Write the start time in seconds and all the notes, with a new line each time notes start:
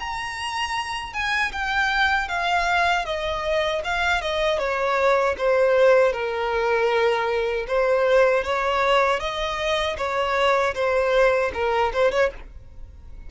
0.00 A#5
1.13 G#5
1.52 G5
2.28 F5
3.05 D#5
3.85 F5
4.21 D#5
4.58 C#5
5.38 C5
6.13 A#4
7.67 C5
8.44 C#5
9.20 D#5
9.97 C#5
10.75 C5
11.54 A#4
11.93 C5
12.12 C#5